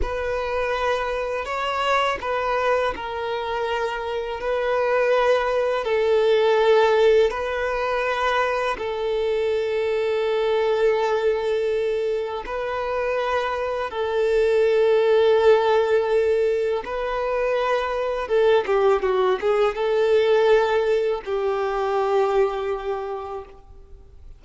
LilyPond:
\new Staff \with { instrumentName = "violin" } { \time 4/4 \tempo 4 = 82 b'2 cis''4 b'4 | ais'2 b'2 | a'2 b'2 | a'1~ |
a'4 b'2 a'4~ | a'2. b'4~ | b'4 a'8 g'8 fis'8 gis'8 a'4~ | a'4 g'2. | }